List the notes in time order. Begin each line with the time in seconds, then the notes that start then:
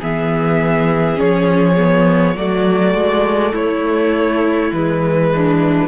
0.00 E3 B3 G#4 E5
1.15 F3 C#4 C#5
1.77 B3
2.36 F#3 A3 F#4 D5
2.94 G#3
3.52 A3 E4 C#5
4.72 E3 G#3 B4
5.35 D4